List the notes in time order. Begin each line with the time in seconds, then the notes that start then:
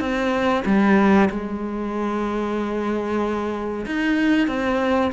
0.00 C4
0.66 G3
1.30 G#3
3.86 D#4
4.48 C4